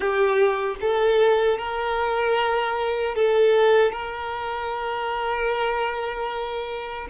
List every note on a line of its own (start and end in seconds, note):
0.00 0.76 G4
0.81 1.58 A4
1.58 3.15 A#4
3.15 3.92 A4
3.92 7.08 A#4